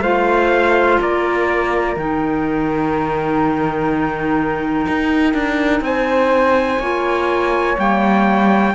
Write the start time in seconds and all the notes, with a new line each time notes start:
0.00 A3 F4 C5 F5
1.00 A#3 A#4 D5
1.96 D#3 D#4 G5
4.87 D#4
5.33 D4
5.80 C4 C5 G#5
6.79 A#3 F4 C#5
7.76 G3 A#3 G5